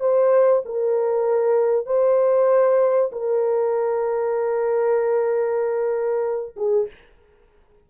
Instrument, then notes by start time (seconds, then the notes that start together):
horn
0.00 C5
0.65 A#4
1.86 C5
3.12 A#4
6.57 G#4